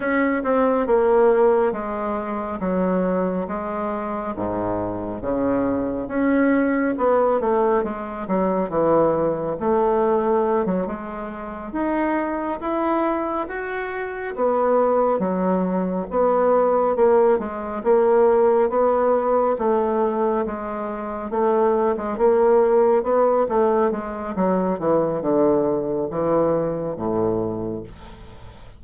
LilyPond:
\new Staff \with { instrumentName = "bassoon" } { \time 4/4 \tempo 4 = 69 cis'8 c'8 ais4 gis4 fis4 | gis4 gis,4 cis4 cis'4 | b8 a8 gis8 fis8 e4 a4~ | a16 fis16 gis4 dis'4 e'4 fis'8~ |
fis'8 b4 fis4 b4 ais8 | gis8 ais4 b4 a4 gis8~ | gis8 a8. gis16 ais4 b8 a8 gis8 | fis8 e8 d4 e4 a,4 | }